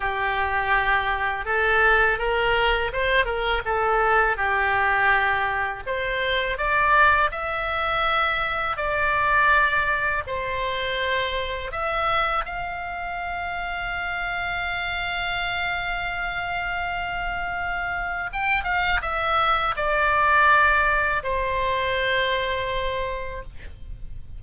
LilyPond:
\new Staff \with { instrumentName = "oboe" } { \time 4/4 \tempo 4 = 82 g'2 a'4 ais'4 | c''8 ais'8 a'4 g'2 | c''4 d''4 e''2 | d''2 c''2 |
e''4 f''2.~ | f''1~ | f''4 g''8 f''8 e''4 d''4~ | d''4 c''2. | }